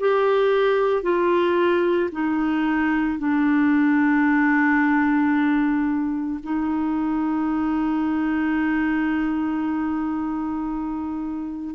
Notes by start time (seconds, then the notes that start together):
0.00 G4
1.03 F4
2.12 D#4
3.19 D4
6.43 D#4